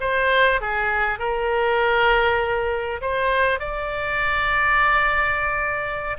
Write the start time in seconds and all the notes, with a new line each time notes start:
0.00 C5
0.60 G#4
1.18 A#4
3.01 C5
3.59 D5